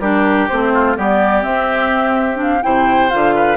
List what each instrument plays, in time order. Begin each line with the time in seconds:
0.00 bassoon G3, clarinet D4, oboe G4, flute A#4
0.49 bassoon A3, clarinet C4, flute C5
0.74 oboe F4
0.96 bassoon G3, clarinet B3, oboe G4, flute D5
1.42 clarinet C4, bassoon C4, flute E5
2.35 clarinet D4
2.42 flute F5
2.62 bassoon C3, clarinet E4, oboe C5, flute G5
3.10 bassoon D3, clarinet F4, flute F5
3.35 oboe B4